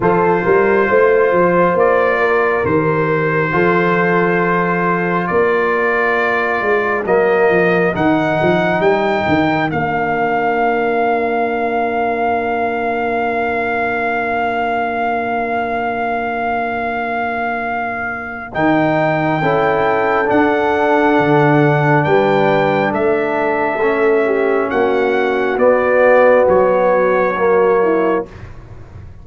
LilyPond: <<
  \new Staff \with { instrumentName = "trumpet" } { \time 4/4 \tempo 4 = 68 c''2 d''4 c''4~ | c''2 d''2 | dis''4 fis''4 g''4 f''4~ | f''1~ |
f''1~ | f''4 g''2 fis''4~ | fis''4 g''4 e''2 | fis''4 d''4 cis''2 | }
  \new Staff \with { instrumentName = "horn" } { \time 4/4 a'8 ais'8 c''4. ais'4. | a'2 ais'2~ | ais'1~ | ais'1~ |
ais'1~ | ais'2 a'2~ | a'4 b'4 a'4. g'8 | fis'2.~ fis'8 e'8 | }
  \new Staff \with { instrumentName = "trombone" } { \time 4/4 f'2. g'4 | f'1 | ais4 dis'2 d'4~ | d'1~ |
d'1~ | d'4 dis'4 e'4 d'4~ | d'2. cis'4~ | cis'4 b2 ais4 | }
  \new Staff \with { instrumentName = "tuba" } { \time 4/4 f8 g8 a8 f8 ais4 dis4 | f2 ais4. gis8 | fis8 f8 dis8 f8 g8 dis8 ais4~ | ais1~ |
ais1~ | ais4 dis4 cis'4 d'4 | d4 g4 a2 | ais4 b4 fis2 | }
>>